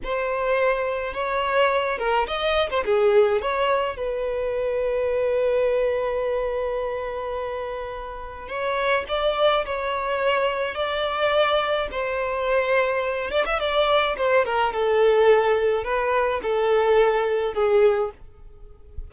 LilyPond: \new Staff \with { instrumentName = "violin" } { \time 4/4 \tempo 4 = 106 c''2 cis''4. ais'8 | dis''8. c''16 gis'4 cis''4 b'4~ | b'1~ | b'2. cis''4 |
d''4 cis''2 d''4~ | d''4 c''2~ c''8 d''16 e''16 | d''4 c''8 ais'8 a'2 | b'4 a'2 gis'4 | }